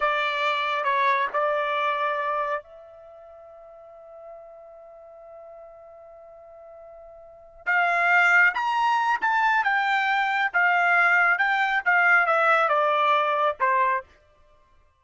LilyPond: \new Staff \with { instrumentName = "trumpet" } { \time 4/4 \tempo 4 = 137 d''2 cis''4 d''4~ | d''2 e''2~ | e''1~ | e''1~ |
e''4. f''2 ais''8~ | ais''4 a''4 g''2 | f''2 g''4 f''4 | e''4 d''2 c''4 | }